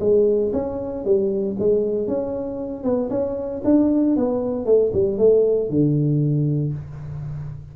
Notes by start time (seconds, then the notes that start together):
0.00 G#3
0.53 C#4
1.04 G3
1.59 G#3
2.07 C#4
2.83 B3
3.10 C#4
3.64 D4
4.16 B3
4.65 A3
4.93 G3
5.18 A3
5.70 D3